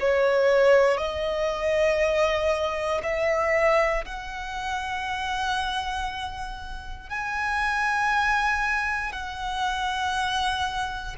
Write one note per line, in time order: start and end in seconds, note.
0.00 0.98 C#5
0.98 3.01 D#5
3.03 4.05 E5
4.05 7.10 F#5
7.10 9.12 G#5
9.12 11.16 F#5